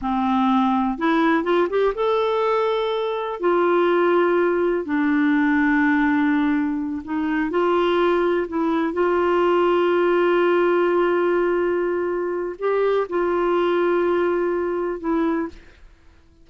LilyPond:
\new Staff \with { instrumentName = "clarinet" } { \time 4/4 \tempo 4 = 124 c'2 e'4 f'8 g'8 | a'2. f'4~ | f'2 d'2~ | d'2~ d'8 dis'4 f'8~ |
f'4. e'4 f'4.~ | f'1~ | f'2 g'4 f'4~ | f'2. e'4 | }